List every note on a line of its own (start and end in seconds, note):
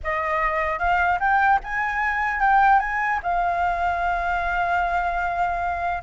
0.03 0.79 D#5
0.79 1.19 F5
1.19 1.59 G5
1.63 2.40 G#5
2.40 2.79 G5
2.79 3.19 G#5
3.22 6.02 F5